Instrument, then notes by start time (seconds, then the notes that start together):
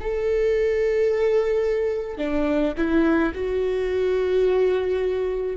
viola
0.00 A4
2.18 D4
2.77 E4
3.34 F#4